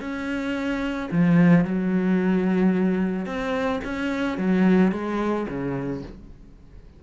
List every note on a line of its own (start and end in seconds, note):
0.00 1.09 C#4
1.11 1.65 F3
1.65 3.26 F#3
3.26 3.80 C4
3.84 4.38 C#4
4.38 4.92 F#3
4.92 5.46 G#3
5.48 6.02 C#3